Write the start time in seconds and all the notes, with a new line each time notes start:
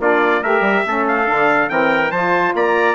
0.00 A#3 D4 F4 D5
0.43 A3 G4 A#4 E5
0.61 G3
0.87 A3 C#4 A4
1.08 F5
1.26 D3 D4
1.69 E3 C4 A#4 G5
2.11 F3 F4 C5 A5
2.54 A#3 D5 A#5